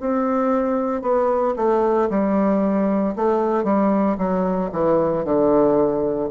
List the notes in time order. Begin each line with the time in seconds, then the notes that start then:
0.00 C4
1.01 B3
1.56 A3
2.10 G3
3.16 A3
3.64 G3
4.17 F#3
4.72 E3
5.24 D3